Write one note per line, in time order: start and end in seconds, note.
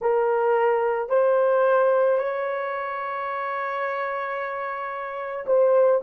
0.01 1.09 A#4
1.09 2.18 C5
2.18 5.45 C#5
5.46 6.00 C5